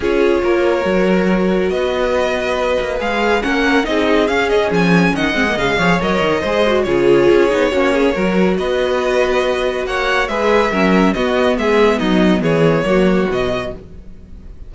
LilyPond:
<<
  \new Staff \with { instrumentName = "violin" } { \time 4/4 \tempo 4 = 140 cis''1 | dis''2. f''4 | fis''4 dis''4 f''8 dis''8 gis''4 | fis''4 f''4 dis''2 |
cis''1 | dis''2. fis''4 | e''2 dis''4 e''4 | dis''4 cis''2 dis''4 | }
  \new Staff \with { instrumentName = "violin" } { \time 4/4 gis'4 ais'2. | b'1 | ais'4 gis'2. | dis''4. cis''4. c''4 |
gis'2 fis'8 gis'8 ais'4 | b'2. cis''4 | b'4 ais'4 fis'4 gis'4 | dis'4 gis'4 fis'2 | }
  \new Staff \with { instrumentName = "viola" } { \time 4/4 f'2 fis'2~ | fis'2. gis'4 | cis'4 dis'4 cis'2~ | cis'8 c'16 ais16 gis8 gis'8 ais'4 gis'8 fis'8 |
f'4. dis'8 cis'4 fis'4~ | fis'1 | gis'4 cis'4 b2~ | b2 ais4 fis4 | }
  \new Staff \with { instrumentName = "cello" } { \time 4/4 cis'4 ais4 fis2 | b2~ b8 ais8 gis4 | ais4 c'4 cis'4 f4 | dis8 gis8 cis8 f8 fis8 dis8 gis4 |
cis4 cis'8 b8 ais4 fis4 | b2. ais4 | gis4 fis4 b4 gis4 | fis4 e4 fis4 b,4 | }
>>